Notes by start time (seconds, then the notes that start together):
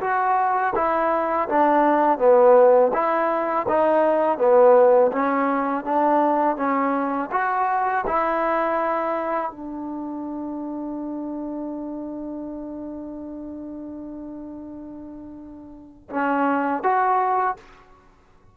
0.00 F#4
0.75 E4
1.48 D4
2.18 B3
2.93 E4
3.68 D#4
4.37 B3
5.12 C#4
5.84 D4
6.56 C#4
7.31 F#4
8.06 E4
9.51 D4
16.09 C#4
16.83 F#4